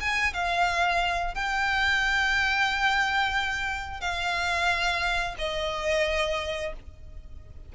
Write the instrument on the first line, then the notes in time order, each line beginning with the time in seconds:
violin
0.00 G#5
0.33 F5
1.35 G5
4.00 F5
5.37 D#5